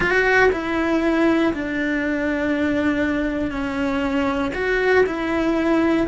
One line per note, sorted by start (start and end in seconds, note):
0.00 0.50 F#4
0.52 1.53 E4
1.53 3.51 D4
3.51 4.51 C#4
4.54 5.04 F#4
5.06 6.07 E4